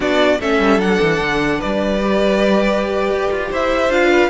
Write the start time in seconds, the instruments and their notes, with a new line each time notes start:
0.00 cello B3, viola D4, violin F#4 D5
0.40 cello A3, viola C#4, violin A4 E5
0.59 cello G3
0.78 cello F#3, viola D4, violin F#5
1.01 cello E3
1.20 cello D3
1.58 cello G3, violin B4 D5
2.00 viola G4
3.10 cello G4
3.31 cello F4
3.50 cello E4, violin C5 E5
3.89 cello D4, viola F4, violin F5
4.10 violin B4